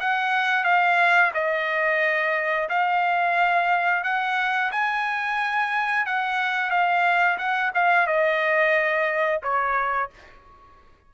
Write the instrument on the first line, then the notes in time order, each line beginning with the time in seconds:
trumpet
0.00 F#5
0.64 F5
1.34 D#5
2.69 F5
4.04 F#5
4.72 G#5
6.06 F#5
6.70 F5
7.38 F#5
7.75 F5
8.07 D#5
9.43 C#5